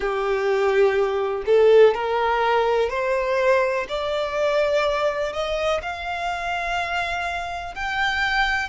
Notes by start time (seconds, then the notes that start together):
0.00 G4
1.46 A4
1.94 A#4
2.89 C5
3.88 D5
5.32 D#5
5.82 F5
7.75 G5